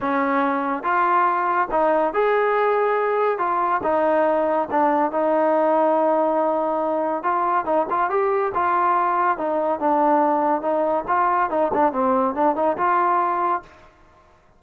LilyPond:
\new Staff \with { instrumentName = "trombone" } { \time 4/4 \tempo 4 = 141 cis'2 f'2 | dis'4 gis'2. | f'4 dis'2 d'4 | dis'1~ |
dis'4 f'4 dis'8 f'8 g'4 | f'2 dis'4 d'4~ | d'4 dis'4 f'4 dis'8 d'8 | c'4 d'8 dis'8 f'2 | }